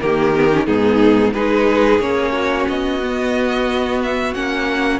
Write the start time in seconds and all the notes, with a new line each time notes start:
0.00 D#3 A#3 G4 A#4
0.34 B3
0.51 C#4
0.66 G#2 B3 D#4 G#4
1.32 G#3 D#4 G#4 B4
1.99 A#3 C#4 C#5
2.32 F#4
2.68 B3 D#5
3.02 B3
4.02 E5
4.34 A#3 C#4 F#5